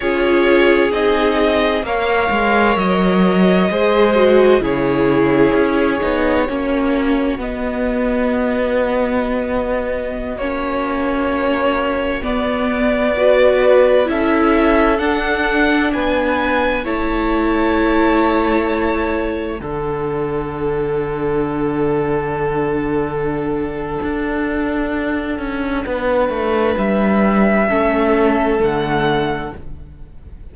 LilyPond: <<
  \new Staff \with { instrumentName = "violin" } { \time 4/4 \tempo 4 = 65 cis''4 dis''4 f''4 dis''4~ | dis''4 cis''2. | dis''2.~ dis''16 cis''8.~ | cis''4~ cis''16 d''2 e''8.~ |
e''16 fis''4 gis''4 a''4.~ a''16~ | a''4~ a''16 fis''2~ fis''8.~ | fis''1~ | fis''4 e''2 fis''4 | }
  \new Staff \with { instrumentName = "violin" } { \time 4/4 gis'2 cis''2 | c''4 gis'2 fis'4~ | fis'1~ | fis'2~ fis'16 b'4 a'8.~ |
a'4~ a'16 b'4 cis''4.~ cis''16~ | cis''4~ cis''16 a'2~ a'8.~ | a'1 | b'2 a'2 | }
  \new Staff \with { instrumentName = "viola" } { \time 4/4 f'4 dis'4 ais'2 | gis'8 fis'8 e'4. dis'8 cis'4 | b2.~ b16 cis'8.~ | cis'4~ cis'16 b4 fis'4 e'8.~ |
e'16 d'2 e'4.~ e'16~ | e'4~ e'16 d'2~ d'8.~ | d'1~ | d'2 cis'4 a4 | }
  \new Staff \with { instrumentName = "cello" } { \time 4/4 cis'4 c'4 ais8 gis8 fis4 | gis4 cis4 cis'8 b8 ais4 | b2.~ b16 ais8.~ | ais4~ ais16 b2 cis'8.~ |
cis'16 d'4 b4 a4.~ a16~ | a4~ a16 d2~ d8.~ | d2 d'4. cis'8 | b8 a8 g4 a4 d4 | }
>>